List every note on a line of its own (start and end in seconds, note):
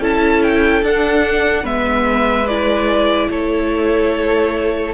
0.00 0.82 C#4
0.00 0.83 E4
0.00 1.63 A4
0.00 0.43 A5
0.43 0.84 G5
0.82 1.64 D4
0.82 1.66 F#5
1.63 3.29 G#3
1.63 2.46 B3
1.63 3.27 B4
1.63 2.48 E5
2.48 4.94 E4
2.48 3.30 D5
3.30 4.94 A3
3.30 4.94 A4
3.30 4.94 C#5